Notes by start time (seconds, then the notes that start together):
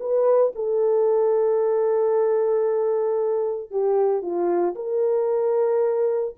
0.00 B4
0.56 A4
3.71 G4
4.22 F4
4.76 A#4